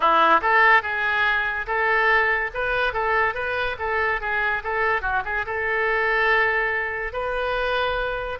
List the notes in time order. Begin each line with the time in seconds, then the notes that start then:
0.00 E4
0.41 A4
0.82 G#4
1.66 A4
2.53 B4
2.93 A4
3.34 B4
3.79 A4
4.21 G#4
4.63 A4
5.01 F#4
5.24 G#4
5.46 A4
7.13 B4